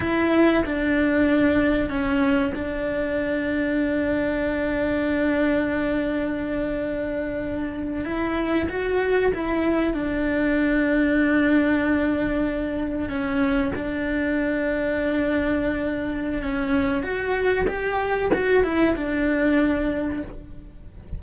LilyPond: \new Staff \with { instrumentName = "cello" } { \time 4/4 \tempo 4 = 95 e'4 d'2 cis'4 | d'1~ | d'1~ | d'8. e'4 fis'4 e'4 d'16~ |
d'1~ | d'8. cis'4 d'2~ d'16~ | d'2 cis'4 fis'4 | g'4 fis'8 e'8 d'2 | }